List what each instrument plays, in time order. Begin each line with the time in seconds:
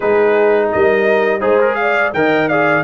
0.00 tuba G#3, trombone D#4, horn G#4, trumpet B4
0.72 tuba G3, horn A#4, trumpet D#5
1.40 tuba G#3, trumpet D#4, trombone G#4, horn C5
1.60 trumpet A#4
1.75 horn D5, trumpet F5
2.13 tuba D#3, trombone A#4, horn D#5, trumpet G5
2.48 trombone G#4, horn D5, trumpet F5